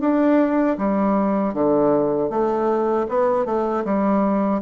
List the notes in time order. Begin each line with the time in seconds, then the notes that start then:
0.00 D4
0.78 G3
1.53 D3
2.29 A3
3.08 B3
3.45 A3
3.84 G3